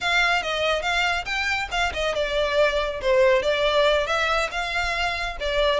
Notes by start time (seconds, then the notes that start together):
0.00 F5
0.42 D#5
0.81 F5
1.25 G5
1.71 F5
1.93 D#5
2.14 D5
3.01 C5
3.42 D5
4.06 E5
4.51 F5
5.39 D5